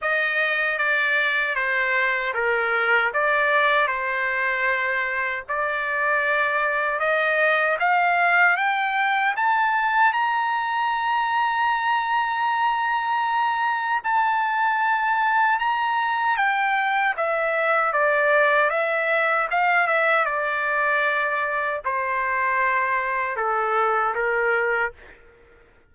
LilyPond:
\new Staff \with { instrumentName = "trumpet" } { \time 4/4 \tempo 4 = 77 dis''4 d''4 c''4 ais'4 | d''4 c''2 d''4~ | d''4 dis''4 f''4 g''4 | a''4 ais''2.~ |
ais''2 a''2 | ais''4 g''4 e''4 d''4 | e''4 f''8 e''8 d''2 | c''2 a'4 ais'4 | }